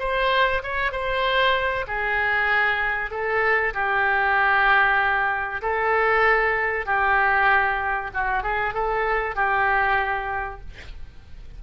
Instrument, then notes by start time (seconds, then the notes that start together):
oboe
0.00 C5
0.64 C#5
0.92 C5
1.88 G#4
3.11 A4
3.74 G4
5.62 A4
6.86 G4
8.14 F#4
8.43 G#4
8.74 A4
9.36 G4